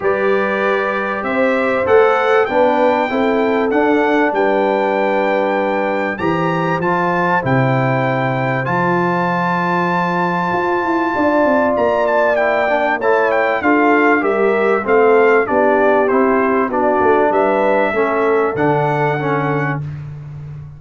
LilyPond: <<
  \new Staff \with { instrumentName = "trumpet" } { \time 4/4 \tempo 4 = 97 d''2 e''4 fis''4 | g''2 fis''4 g''4~ | g''2 ais''4 a''4 | g''2 a''2~ |
a''2. ais''8 a''8 | g''4 a''8 g''8 f''4 e''4 | f''4 d''4 c''4 d''4 | e''2 fis''2 | }
  \new Staff \with { instrumentName = "horn" } { \time 4/4 b'2 c''2 | b'4 a'2 b'4~ | b'2 c''2~ | c''1~ |
c''2 d''2~ | d''4 cis''4 a'4 ais'4 | a'4 g'2 fis'4 | b'4 a'2. | }
  \new Staff \with { instrumentName = "trombone" } { \time 4/4 g'2. a'4 | d'4 e'4 d'2~ | d'2 g'4 f'4 | e'2 f'2~ |
f'1 | e'8 d'8 e'4 f'4 g'4 | c'4 d'4 e'4 d'4~ | d'4 cis'4 d'4 cis'4 | }
  \new Staff \with { instrumentName = "tuba" } { \time 4/4 g2 c'4 a4 | b4 c'4 d'4 g4~ | g2 e4 f4 | c2 f2~ |
f4 f'8 e'8 d'8 c'8 ais4~ | ais4 a4 d'4 g4 | a4 b4 c'4 b8 a8 | g4 a4 d2 | }
>>